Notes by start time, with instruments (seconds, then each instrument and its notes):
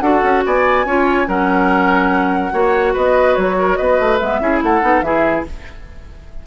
0.00 bassoon D4, clarinet F#4, oboe A4, flute F#5
0.23 bassoon C#4
0.46 bassoon B3, oboe D5, flute G#5
0.85 bassoon C#4, clarinet F4, oboe C#5
1.27 bassoon F#3, clarinet C#4, oboe A#4, flute F#5
2.52 bassoon A#3, clarinet F#4, oboe C#5
2.93 bassoon B3, oboe B4, flute D#5
3.35 bassoon F#3, flute C#5
3.58 oboe A#4
3.76 bassoon B3, oboe B4, flute D#5
3.99 bassoon A3
4.18 bassoon G#3, clarinet B3, flute E5
4.40 bassoon C#4, clarinet E4, oboe G#4
4.63 bassoon A3, oboe A4, flute F#5
4.82 bassoon B3, clarinet D#4
5.01 bassoon E3, clarinet E4, oboe G#4, flute E5